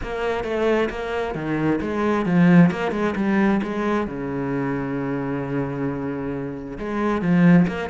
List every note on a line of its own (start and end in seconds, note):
0.02 0.44 A#3
0.44 0.89 A3
0.89 1.34 A#3
1.34 1.79 D#3
1.81 2.25 G#3
2.25 2.70 F3
2.70 2.91 A#3
2.91 3.14 G#3
3.15 3.60 G3
3.62 4.07 G#3
4.07 6.78 C#3
6.78 7.21 G#3
7.21 7.66 F3
7.67 7.89 A#3